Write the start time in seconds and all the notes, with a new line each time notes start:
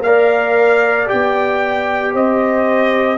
0.00 A#3 D5 F5
0.07 A#4
1.07 G4 G5
1.13 B3
2.14 C4 C5 D#5